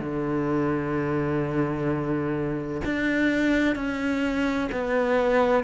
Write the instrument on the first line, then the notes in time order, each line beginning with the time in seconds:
cello
0.00 D3
2.85 D4
3.75 C#4
4.72 B3